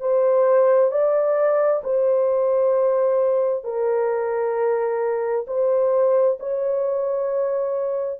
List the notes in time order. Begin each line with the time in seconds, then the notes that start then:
0.00 C5
0.91 D5
1.83 C5
3.64 A#4
5.47 C5
6.39 C#5